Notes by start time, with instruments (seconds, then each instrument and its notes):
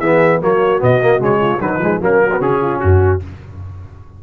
0.00 tuba E3, trombone B3, horn G#4, trumpet E5
0.42 tuba F#3, trombone A#3, horn F#4, trumpet C#5
0.80 tuba B2, trombone B3, trumpet D#5
1.03 trombone A#3
1.20 tuba C#3, trombone G#3, trumpet C#5
1.41 horn F4
1.60 tuba D#3, trombone F#3, horn D#4, trumpet B4
1.79 tuba F3, trombone G#3
2.01 tuba F#3, trombone A#3, horn C#4, trumpet A#4
2.22 horn F#4
2.33 trombone B3
2.40 tuba C#3, trombone C#4, trumpet G#4
2.62 horn F4
2.80 tuba F#2, trumpet F#4, horn F#4